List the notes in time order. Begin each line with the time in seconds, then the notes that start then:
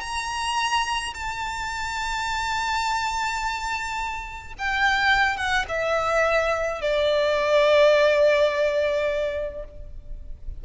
0.00 A#5
1.13 A5
4.58 G5
5.36 F#5
5.68 E5
6.81 D5